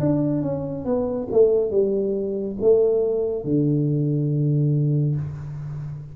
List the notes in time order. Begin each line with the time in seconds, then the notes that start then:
0.00 D4
0.42 C#4
0.85 B3
1.32 A3
1.71 G3
2.61 A3
3.44 D3